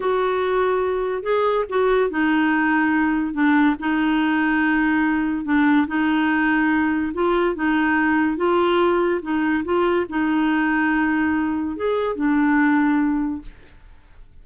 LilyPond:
\new Staff \with { instrumentName = "clarinet" } { \time 4/4 \tempo 4 = 143 fis'2. gis'4 | fis'4 dis'2. | d'4 dis'2.~ | dis'4 d'4 dis'2~ |
dis'4 f'4 dis'2 | f'2 dis'4 f'4 | dis'1 | gis'4 d'2. | }